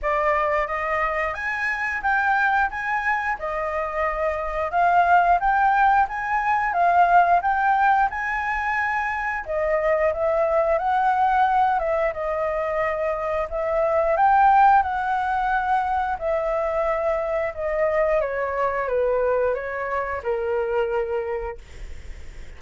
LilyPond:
\new Staff \with { instrumentName = "flute" } { \time 4/4 \tempo 4 = 89 d''4 dis''4 gis''4 g''4 | gis''4 dis''2 f''4 | g''4 gis''4 f''4 g''4 | gis''2 dis''4 e''4 |
fis''4. e''8 dis''2 | e''4 g''4 fis''2 | e''2 dis''4 cis''4 | b'4 cis''4 ais'2 | }